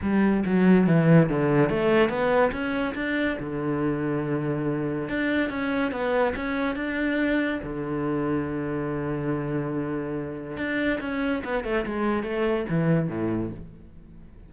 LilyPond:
\new Staff \with { instrumentName = "cello" } { \time 4/4 \tempo 4 = 142 g4 fis4 e4 d4 | a4 b4 cis'4 d'4 | d1 | d'4 cis'4 b4 cis'4 |
d'2 d2~ | d1~ | d4 d'4 cis'4 b8 a8 | gis4 a4 e4 a,4 | }